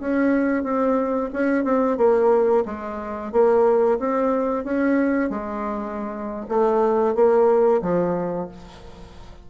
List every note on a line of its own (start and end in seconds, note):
0.00 0.63 C#4
0.63 1.30 C4
1.33 1.64 C#4
1.64 1.97 C4
1.97 2.64 A#3
2.65 3.32 G#3
3.32 3.99 A#3
3.99 4.64 C4
4.64 5.30 C#4
5.30 6.46 G#3
6.48 7.15 A3
7.15 7.82 A#3
7.82 8.48 F3